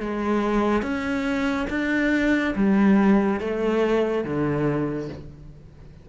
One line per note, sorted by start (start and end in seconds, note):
0.00 0.82 G#3
0.82 1.67 C#4
1.70 2.54 D4
2.56 3.40 G3
3.40 4.24 A3
4.24 5.09 D3